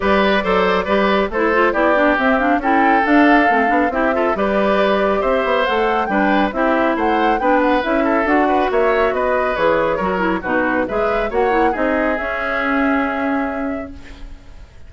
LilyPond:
<<
  \new Staff \with { instrumentName = "flute" } { \time 4/4 \tempo 4 = 138 d''2. c''4 | d''4 e''8 f''8 g''4 f''4~ | f''4 e''4 d''2 | e''4 fis''4 g''4 e''4 |
fis''4 g''8 fis''8 e''4 fis''4 | e''4 dis''4 cis''2 | b'4 e''4 fis''4 dis''4 | e''1 | }
  \new Staff \with { instrumentName = "oboe" } { \time 4/4 b'4 c''4 b'4 a'4 | g'2 a'2~ | a'4 g'8 a'8 b'2 | c''2 b'4 g'4 |
c''4 b'4. a'4 b'8 | cis''4 b'2 ais'4 | fis'4 b'4 cis''4 gis'4~ | gis'1 | }
  \new Staff \with { instrumentName = "clarinet" } { \time 4/4 g'4 a'4 g'4 e'8 f'8 | e'8 d'8 c'8 d'8 e'4 d'4 | c'8 d'8 e'8 f'8 g'2~ | g'4 a'4 d'4 e'4~ |
e'4 d'4 e'4 fis'4~ | fis'2 gis'4 fis'8 e'8 | dis'4 gis'4 fis'8 e'8 dis'4 | cis'1 | }
  \new Staff \with { instrumentName = "bassoon" } { \time 4/4 g4 fis4 g4 a4 | b4 c'4 cis'4 d'4 | a8 b8 c'4 g2 | c'8 b8 a4 g4 c'4 |
a4 b4 cis'4 d'4 | ais4 b4 e4 fis4 | b,4 gis4 ais4 c'4 | cis'1 | }
>>